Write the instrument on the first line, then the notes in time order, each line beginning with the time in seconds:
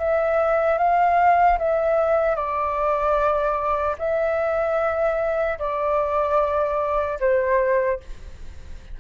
flute
0.00 E5
0.79 F5
1.59 E5
2.36 D5
3.99 E5
5.59 D5
7.21 C5